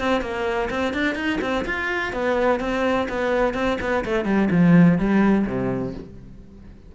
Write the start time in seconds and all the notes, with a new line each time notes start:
0.00 C4
0.22 A#3
0.70 C4
0.94 D4
1.16 D#4
1.42 C4
1.66 F4
2.13 B3
2.61 C4
3.09 B3
3.55 C4
3.81 B3
4.05 A3
4.25 G3
4.51 F3
4.99 G3
5.47 C3